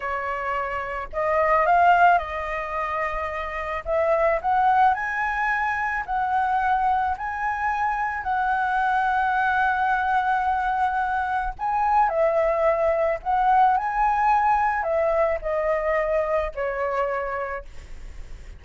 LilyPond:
\new Staff \with { instrumentName = "flute" } { \time 4/4 \tempo 4 = 109 cis''2 dis''4 f''4 | dis''2. e''4 | fis''4 gis''2 fis''4~ | fis''4 gis''2 fis''4~ |
fis''1~ | fis''4 gis''4 e''2 | fis''4 gis''2 e''4 | dis''2 cis''2 | }